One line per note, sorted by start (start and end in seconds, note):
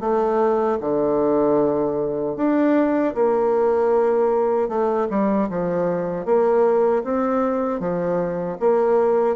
0.00 0.78 A3
0.80 2.36 D3
2.36 3.14 D4
3.14 4.68 A#3
4.68 5.07 A3
5.09 5.48 G3
5.49 6.25 F3
6.25 7.03 A#3
7.03 7.79 C4
7.79 8.57 F3
8.59 9.35 A#3